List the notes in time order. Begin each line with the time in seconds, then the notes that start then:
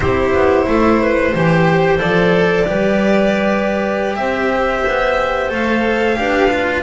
0.00 C4 E4 G4 C5
0.33 B3
0.67 A3 A4
1.01 B4
1.33 E3 G4 C5
1.98 F3 A4 D5
2.66 G3 G4 B4
4.15 C4 C5 E5
4.87 B3
5.49 A3 A4 F5
6.15 D4 G4 B4
6.50 F4